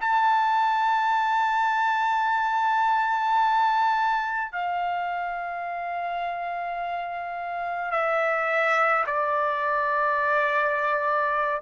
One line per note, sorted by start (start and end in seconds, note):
0.00 4.52 A5
4.52 7.91 F5
7.91 9.04 E5
9.06 11.61 D5